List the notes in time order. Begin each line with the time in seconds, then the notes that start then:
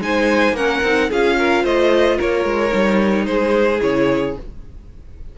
0.00 G#3 D#4 C5 G#5
0.52 A#3 C#4 A#4 F#5
0.84 C4 D#4
1.10 C#4 F4 G#4 F5
1.38 A#4
1.64 A3 C5 D#5
2.18 A#3 A#4 C#5
2.45 G#3
2.70 G3 D#4
3.26 G#3 G#4 C5
3.81 C#3 E4 C#5